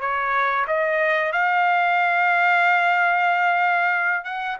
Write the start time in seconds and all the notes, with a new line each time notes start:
0.00 C#5
0.67 D#5
1.32 F5
4.25 F#5